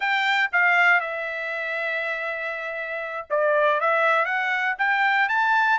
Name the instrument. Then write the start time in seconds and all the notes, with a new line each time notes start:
trumpet
0.00 G5
0.52 F5
1.00 E5
3.29 D5
3.80 E5
4.25 F#5
4.78 G5
5.28 A5